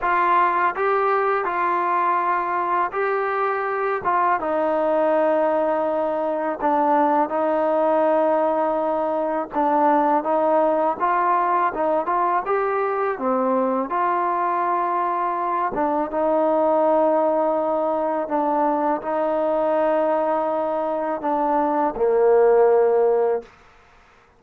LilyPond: \new Staff \with { instrumentName = "trombone" } { \time 4/4 \tempo 4 = 82 f'4 g'4 f'2 | g'4. f'8 dis'2~ | dis'4 d'4 dis'2~ | dis'4 d'4 dis'4 f'4 |
dis'8 f'8 g'4 c'4 f'4~ | f'4. d'8 dis'2~ | dis'4 d'4 dis'2~ | dis'4 d'4 ais2 | }